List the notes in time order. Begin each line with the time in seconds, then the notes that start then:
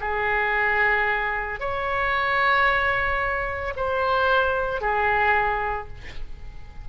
0.00 G#4
1.59 C#5
3.76 C5
4.81 G#4